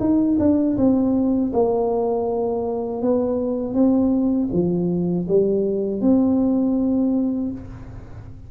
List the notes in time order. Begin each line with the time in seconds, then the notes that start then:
0.00 D#4
0.39 D4
0.77 C4
1.53 A#3
3.02 B3
3.74 C4
4.52 F3
5.28 G3
6.01 C4